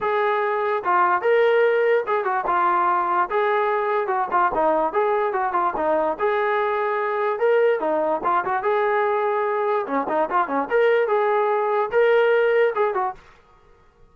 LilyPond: \new Staff \with { instrumentName = "trombone" } { \time 4/4 \tempo 4 = 146 gis'2 f'4 ais'4~ | ais'4 gis'8 fis'8 f'2 | gis'2 fis'8 f'8 dis'4 | gis'4 fis'8 f'8 dis'4 gis'4~ |
gis'2 ais'4 dis'4 | f'8 fis'8 gis'2. | cis'8 dis'8 f'8 cis'8 ais'4 gis'4~ | gis'4 ais'2 gis'8 fis'8 | }